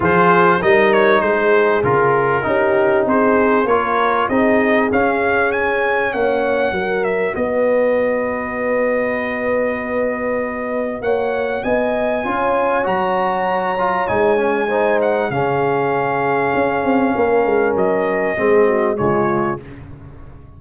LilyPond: <<
  \new Staff \with { instrumentName = "trumpet" } { \time 4/4 \tempo 4 = 98 c''4 dis''8 cis''8 c''4 ais'4~ | ais'4 c''4 cis''4 dis''4 | f''4 gis''4 fis''4. e''8 | dis''1~ |
dis''2 fis''4 gis''4~ | gis''4 ais''2 gis''4~ | gis''8 fis''8 f''2.~ | f''4 dis''2 cis''4 | }
  \new Staff \with { instrumentName = "horn" } { \time 4/4 gis'4 ais'4 gis'2 | g'4 gis'4 ais'4 gis'4~ | gis'2 cis''4 ais'4 | b'1~ |
b'2 cis''4 dis''4 | cis''1 | c''4 gis'2. | ais'2 gis'8 fis'8 f'4 | }
  \new Staff \with { instrumentName = "trombone" } { \time 4/4 f'4 dis'2 f'4 | dis'2 f'4 dis'4 | cis'2. fis'4~ | fis'1~ |
fis'1 | f'4 fis'4. f'8 dis'8 cis'8 | dis'4 cis'2.~ | cis'2 c'4 gis4 | }
  \new Staff \with { instrumentName = "tuba" } { \time 4/4 f4 g4 gis4 cis4 | cis'4 c'4 ais4 c'4 | cis'2 ais4 fis4 | b1~ |
b2 ais4 b4 | cis'4 fis2 gis4~ | gis4 cis2 cis'8 c'8 | ais8 gis8 fis4 gis4 cis4 | }
>>